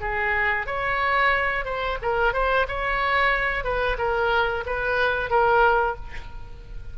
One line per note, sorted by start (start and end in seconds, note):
0.00 0.66 G#4
0.66 1.65 C#5
1.65 1.98 C5
2.02 2.33 A#4
2.33 2.66 C5
2.68 3.64 C#5
3.64 3.97 B4
3.98 4.64 A#4
4.66 5.30 B4
5.30 5.96 A#4